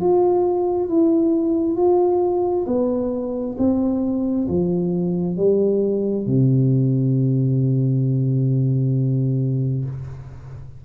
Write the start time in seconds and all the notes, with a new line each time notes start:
0.00 F4
0.88 E4
1.75 F4
2.66 B3
3.58 C4
4.48 F3
5.36 G3
6.26 C3